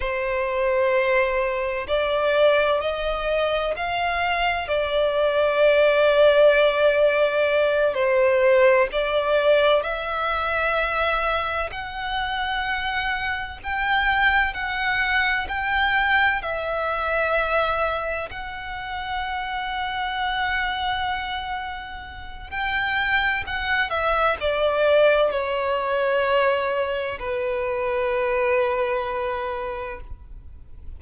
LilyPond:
\new Staff \with { instrumentName = "violin" } { \time 4/4 \tempo 4 = 64 c''2 d''4 dis''4 | f''4 d''2.~ | d''8 c''4 d''4 e''4.~ | e''8 fis''2 g''4 fis''8~ |
fis''8 g''4 e''2 fis''8~ | fis''1 | g''4 fis''8 e''8 d''4 cis''4~ | cis''4 b'2. | }